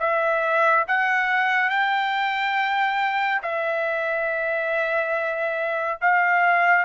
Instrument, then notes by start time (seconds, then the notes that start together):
trumpet
0.00 E5
0.88 F#5
1.70 G5
3.43 E5
6.02 F5